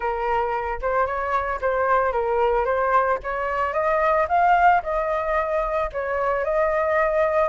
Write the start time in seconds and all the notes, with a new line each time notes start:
0.00 A#4
0.81 C5
1.06 C#5
1.61 C5
2.12 A#4
2.65 C5
3.23 C#5
3.73 D#5
4.28 F5
4.82 D#5
5.92 C#5
6.44 D#5